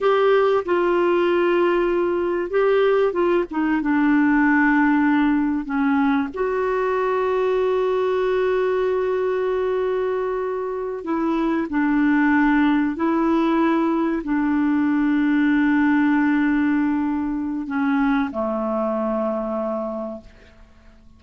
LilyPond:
\new Staff \with { instrumentName = "clarinet" } { \time 4/4 \tempo 4 = 95 g'4 f'2. | g'4 f'8 dis'8 d'2~ | d'4 cis'4 fis'2~ | fis'1~ |
fis'4. e'4 d'4.~ | d'8 e'2 d'4.~ | d'1 | cis'4 a2. | }